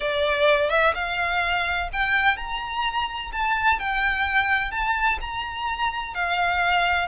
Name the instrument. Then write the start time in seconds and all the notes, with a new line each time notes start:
violin
0.00 D5
0.69 E5
0.94 F5
1.92 G5
2.36 A#5
3.32 A5
3.79 G5
4.71 A5
5.21 A#5
6.14 F5